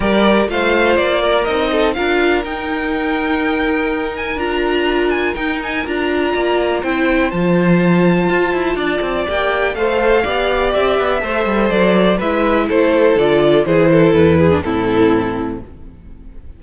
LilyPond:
<<
  \new Staff \with { instrumentName = "violin" } { \time 4/4 \tempo 4 = 123 d''4 f''4 d''4 dis''4 | f''4 g''2.~ | g''8 gis''8 ais''4. gis''8 g''8 gis''8 | ais''2 g''4 a''4~ |
a''2. g''4 | f''2 e''2 | d''4 e''4 c''4 d''4 | c''4 b'4 a'2 | }
  \new Staff \with { instrumentName = "violin" } { \time 4/4 ais'4 c''4. ais'4 a'8 | ais'1~ | ais'1~ | ais'4 d''4 c''2~ |
c''2 d''2 | c''4 d''2 c''4~ | c''4 b'4 a'2 | gis'8 a'4 gis'8 e'2 | }
  \new Staff \with { instrumentName = "viola" } { \time 4/4 g'4 f'2 dis'4 | f'4 dis'2.~ | dis'4 f'2 dis'4 | f'2 e'4 f'4~ |
f'2. g'4 | a'4 g'2 a'4~ | a'4 e'2 f'4 | e'4.~ e'16 d'16 c'2 | }
  \new Staff \with { instrumentName = "cello" } { \time 4/4 g4 a4 ais4 c'4 | d'4 dis'2.~ | dis'4 d'2 dis'4 | d'4 ais4 c'4 f4~ |
f4 f'8 e'8 d'8 c'8 ais4 | a4 b4 c'8 b8 a8 g8 | fis4 gis4 a4 d4 | e4 e,4 a,2 | }
>>